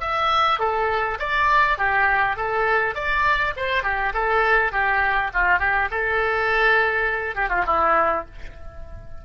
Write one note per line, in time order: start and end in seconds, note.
0.00 0.59 E5
0.59 1.17 A4
1.19 1.78 D5
1.78 2.36 G4
2.36 2.95 A4
2.95 3.53 D5
3.56 3.83 C5
3.83 4.12 G4
4.13 4.71 A4
4.71 5.30 G4
5.33 5.59 F4
5.59 5.88 G4
5.91 7.35 A4
7.35 7.49 G4
7.49 7.64 F4
7.66 8.25 E4